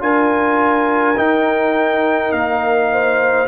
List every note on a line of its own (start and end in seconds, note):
0.00 1.17 D4
0.00 1.15 F4
0.00 2.92 A#4
0.00 1.18 G#5
1.17 3.48 D#4
1.17 2.32 D#4
1.17 2.32 G5
2.32 3.48 A#3
2.32 3.48 F5
2.93 3.48 C5